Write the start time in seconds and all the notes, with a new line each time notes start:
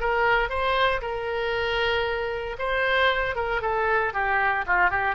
0.00 A#4
0.49 C5
1.01 A#4
2.58 C5
3.35 A#4
3.61 A4
4.13 G4
4.66 F4
4.90 G4